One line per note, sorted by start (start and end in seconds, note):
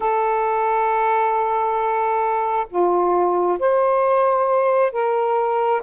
0.00 2.66 A4
2.69 3.59 F4
3.59 4.92 C5
4.92 5.81 A#4